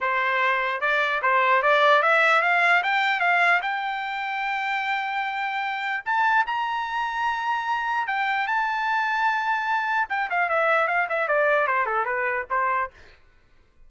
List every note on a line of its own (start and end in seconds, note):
0.01 0.81 C5
0.81 1.21 D5
1.22 1.62 C5
1.62 2.02 D5
2.02 2.42 E5
2.42 2.82 F5
2.83 3.20 G5
3.20 3.60 F5
3.61 6.03 G5
6.05 6.45 A5
6.46 8.07 A#5
8.07 8.47 G5
8.47 10.08 A5
10.09 10.29 G5
10.30 10.49 F5
10.49 10.87 E5
10.87 11.07 F5
11.09 11.28 E5
11.28 11.67 D5
11.67 11.86 C5
11.86 12.05 A4
12.05 12.45 B4
12.50 12.90 C5